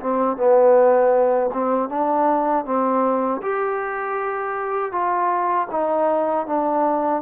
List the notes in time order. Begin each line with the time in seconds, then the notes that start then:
0.00 C4
0.37 B3
1.54 C4
1.90 D4
2.65 C4
3.42 G4
4.92 F4
5.71 D#4
6.46 D4